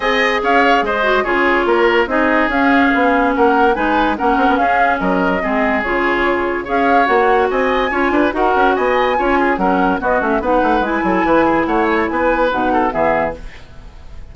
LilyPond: <<
  \new Staff \with { instrumentName = "flute" } { \time 4/4 \tempo 4 = 144 gis''4 f''4 dis''4 cis''4~ | cis''4 dis''4 f''2 | fis''4 gis''4 fis''4 f''4 | dis''2 cis''2 |
f''4 fis''4 gis''2 | fis''4 gis''2 fis''4 | dis''8 e''8 fis''4 gis''2 | fis''8 gis''16 a''16 gis''4 fis''4 e''4 | }
  \new Staff \with { instrumentName = "oboe" } { \time 4/4 dis''4 cis''4 c''4 gis'4 | ais'4 gis'2. | ais'4 b'4 ais'4 gis'4 | ais'4 gis'2. |
cis''2 dis''4 cis''8 b'8 | ais'4 dis''4 cis''8 gis'8 ais'4 | fis'4 b'4. a'8 b'8 gis'8 | cis''4 b'4. a'8 gis'4 | }
  \new Staff \with { instrumentName = "clarinet" } { \time 4/4 gis'2~ gis'8 fis'8 f'4~ | f'4 dis'4 cis'2~ | cis'4 dis'4 cis'2~ | cis'4 c'4 f'2 |
gis'4 fis'2 f'4 | fis'2 f'4 cis'4 | b8 cis'8 dis'4 e'2~ | e'2 dis'4 b4 | }
  \new Staff \with { instrumentName = "bassoon" } { \time 4/4 c'4 cis'4 gis4 cis4 | ais4 c'4 cis'4 b4 | ais4 gis4 ais8 c'16 b16 cis'4 | fis4 gis4 cis2 |
cis'4 ais4 c'4 cis'8 d'8 | dis'8 cis'8 b4 cis'4 fis4 | b8 a8 b8 a8 gis8 fis8 e4 | a4 b4 b,4 e4 | }
>>